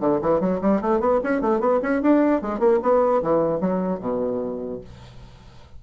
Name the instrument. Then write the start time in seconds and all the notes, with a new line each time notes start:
bassoon
0.00 D3
0.22 E3
0.40 F#3
0.61 G3
0.81 A3
1.00 B3
1.24 C#4
1.41 A3
1.60 B3
1.82 C#4
2.02 D4
2.42 G#3
2.59 A#3
2.82 B3
3.22 E3
3.61 F#3
4.00 B2